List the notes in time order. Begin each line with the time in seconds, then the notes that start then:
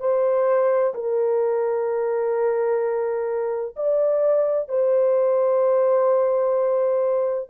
0.00 C5
0.94 A#4
3.76 D5
4.69 C5